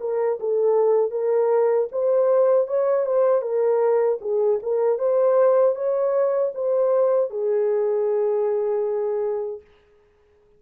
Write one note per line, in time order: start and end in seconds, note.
0.00 0.38 A#4
0.40 1.11 A4
1.11 1.88 A#4
1.92 2.67 C5
2.67 3.06 C#5
3.06 3.42 C5
3.42 4.19 A#4
4.21 4.59 G#4
4.63 4.98 A#4
4.98 5.75 C5
5.75 6.52 C#5
6.55 7.30 C5
7.30 9.61 G#4